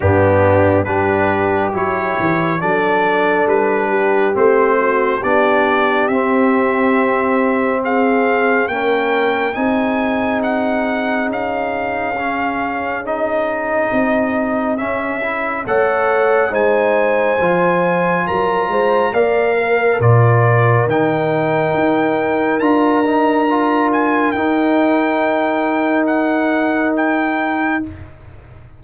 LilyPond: <<
  \new Staff \with { instrumentName = "trumpet" } { \time 4/4 \tempo 4 = 69 g'4 b'4 cis''4 d''4 | b'4 c''4 d''4 e''4~ | e''4 f''4 g''4 gis''4 | fis''4 f''2 dis''4~ |
dis''4 e''4 fis''4 gis''4~ | gis''4 ais''4 f''4 d''4 | g''2 ais''4. gis''8 | g''2 fis''4 g''4 | }
  \new Staff \with { instrumentName = "horn" } { \time 4/4 d'4 g'2 a'4~ | a'8 g'4 fis'8 g'2~ | g'4 gis'4 ais'4 gis'4~ | gis'1~ |
gis'2 cis''4 c''4~ | c''4 ais'8 c''8 d''8 ais'4.~ | ais'1~ | ais'1 | }
  \new Staff \with { instrumentName = "trombone" } { \time 4/4 b4 d'4 e'4 d'4~ | d'4 c'4 d'4 c'4~ | c'2 cis'4 dis'4~ | dis'2 cis'4 dis'4~ |
dis'4 cis'8 e'8 a'4 dis'4 | f'2 ais'4 f'4 | dis'2 f'8 dis'8 f'4 | dis'1 | }
  \new Staff \with { instrumentName = "tuba" } { \time 4/4 g,4 g4 fis8 e8 fis4 | g4 a4 b4 c'4~ | c'2 ais4 c'4~ | c'4 cis'2. |
c'4 cis'4 a4 gis4 | f4 fis8 gis8 ais4 ais,4 | dis4 dis'4 d'2 | dis'1 | }
>>